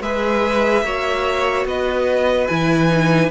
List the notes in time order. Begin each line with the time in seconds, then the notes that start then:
0.00 G#3 G#4 B4 E5
0.83 A#3 F#4 C#5
1.65 B3 B4 D#5
2.47 E3 E4 G#5
2.89 D#4